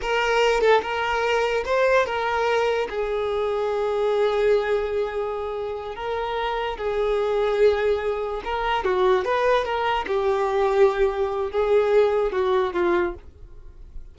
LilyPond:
\new Staff \with { instrumentName = "violin" } { \time 4/4 \tempo 4 = 146 ais'4. a'8 ais'2 | c''4 ais'2 gis'4~ | gis'1~ | gis'2~ gis'8 ais'4.~ |
ais'8 gis'2.~ gis'8~ | gis'8 ais'4 fis'4 b'4 ais'8~ | ais'8 g'2.~ g'8 | gis'2 fis'4 f'4 | }